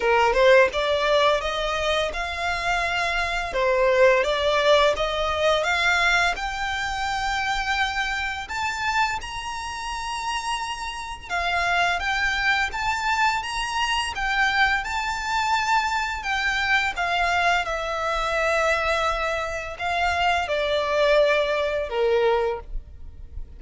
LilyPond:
\new Staff \with { instrumentName = "violin" } { \time 4/4 \tempo 4 = 85 ais'8 c''8 d''4 dis''4 f''4~ | f''4 c''4 d''4 dis''4 | f''4 g''2. | a''4 ais''2. |
f''4 g''4 a''4 ais''4 | g''4 a''2 g''4 | f''4 e''2. | f''4 d''2 ais'4 | }